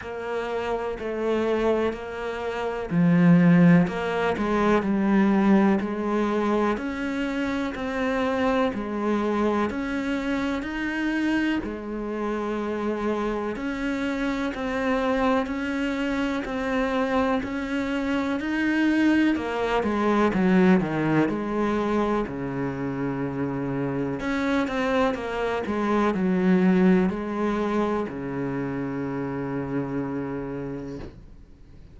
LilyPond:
\new Staff \with { instrumentName = "cello" } { \time 4/4 \tempo 4 = 62 ais4 a4 ais4 f4 | ais8 gis8 g4 gis4 cis'4 | c'4 gis4 cis'4 dis'4 | gis2 cis'4 c'4 |
cis'4 c'4 cis'4 dis'4 | ais8 gis8 fis8 dis8 gis4 cis4~ | cis4 cis'8 c'8 ais8 gis8 fis4 | gis4 cis2. | }